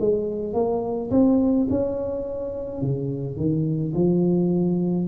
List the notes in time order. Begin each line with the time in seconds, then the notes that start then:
0.00 G#3
0.54 A#3
1.11 C4
1.70 C#4
2.81 C#3
3.37 D#3
3.95 F3